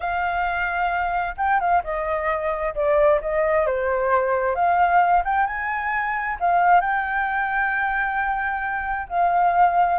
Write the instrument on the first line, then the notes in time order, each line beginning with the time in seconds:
flute
0.00 F5
1.37 G5
1.60 F5
1.83 D#5
2.75 D5
3.21 D#5
3.66 C5
4.55 F5
5.24 G5
5.46 G#5
6.40 F5
6.81 G5
9.08 F5